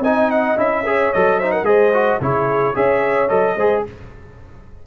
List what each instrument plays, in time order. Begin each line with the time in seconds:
0.00 tuba C4, trombone D#4, horn D#5, trumpet G#5
0.31 trumpet F#5
0.56 tuba C#4, trombone E4, trumpet E5
0.86 trombone G#4, horn C#5
1.13 tuba F#3, trombone A4, trumpet D#5
1.39 trombone D#4, horn C5, trumpet E5
1.51 horn A#4, trumpet F#5
1.62 tuba G#3, trombone G#4, horn C5, trumpet D#5
1.93 trombone F#4
2.21 tuba C#3, trombone E4, horn G#4, trumpet C#5
2.74 tuba C#4, trombone G#4, horn C#5, trumpet E5
3.29 tuba F#3, trombone A4, trumpet D#5
3.56 tuba G#3, trombone G#4, horn C5